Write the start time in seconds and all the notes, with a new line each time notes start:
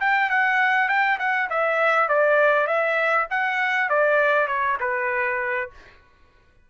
0.00 G5
0.30 F#5
0.88 G5
1.19 F#5
1.50 E5
2.09 D5
2.67 E5
3.31 F#5
3.89 D5
4.47 C#5
4.80 B4